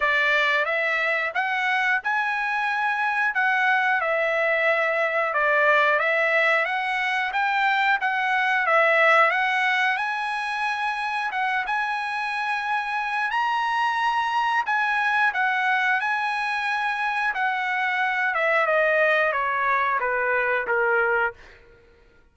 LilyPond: \new Staff \with { instrumentName = "trumpet" } { \time 4/4 \tempo 4 = 90 d''4 e''4 fis''4 gis''4~ | gis''4 fis''4 e''2 | d''4 e''4 fis''4 g''4 | fis''4 e''4 fis''4 gis''4~ |
gis''4 fis''8 gis''2~ gis''8 | ais''2 gis''4 fis''4 | gis''2 fis''4. e''8 | dis''4 cis''4 b'4 ais'4 | }